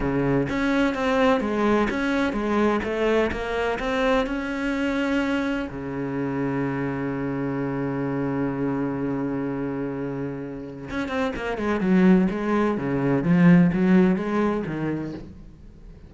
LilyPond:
\new Staff \with { instrumentName = "cello" } { \time 4/4 \tempo 4 = 127 cis4 cis'4 c'4 gis4 | cis'4 gis4 a4 ais4 | c'4 cis'2. | cis1~ |
cis1~ | cis2. cis'8 c'8 | ais8 gis8 fis4 gis4 cis4 | f4 fis4 gis4 dis4 | }